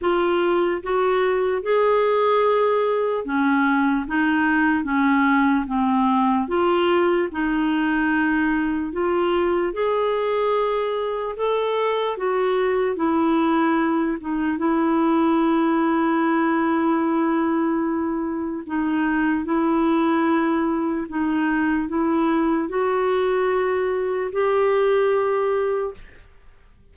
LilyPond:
\new Staff \with { instrumentName = "clarinet" } { \time 4/4 \tempo 4 = 74 f'4 fis'4 gis'2 | cis'4 dis'4 cis'4 c'4 | f'4 dis'2 f'4 | gis'2 a'4 fis'4 |
e'4. dis'8 e'2~ | e'2. dis'4 | e'2 dis'4 e'4 | fis'2 g'2 | }